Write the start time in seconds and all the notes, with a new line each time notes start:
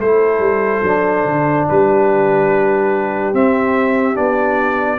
0.00 A3 E4 A4 C5
0.40 G3
0.84 F#3 D4
1.26 D3
1.69 G3 G4 B4
3.34 C4 E5
4.15 B3 D4 D5